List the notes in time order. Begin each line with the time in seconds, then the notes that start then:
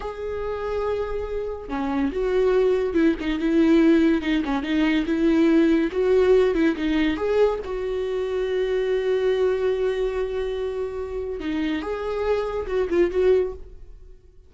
0.00 G#4
1.68 C#4
2.11 F#4
2.94 E4
3.20 D#4
3.39 E4
4.21 D#4
4.44 C#4
4.62 D#4
5.06 E4
5.91 F#4
6.54 E4
6.76 D#4
7.16 G#4
7.64 F#4
11.40 D#4
11.82 G#4
12.66 F#4
12.89 F4
13.10 F#4